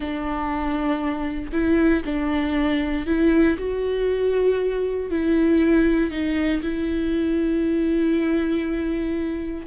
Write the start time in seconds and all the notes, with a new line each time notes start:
0.00 D4
1.52 E4
2.05 D4
3.06 E4
3.58 F#4
5.10 E4
6.10 D#4
6.62 E4